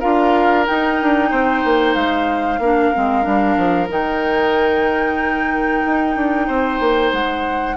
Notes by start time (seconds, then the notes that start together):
0.00 D4 F4 A#4 F5
0.67 D#4 G5
1.02 D4
1.31 C4 C5
1.64 A#3
1.94 G#3 F5
2.59 A#3 D4 A#4
2.94 G#3 C4
3.23 G3 D4
3.57 F3
3.89 D#3 D#4 G5
5.86 D#4
6.16 D4
6.47 C4 C5
6.80 A#3
7.12 G#3 F#5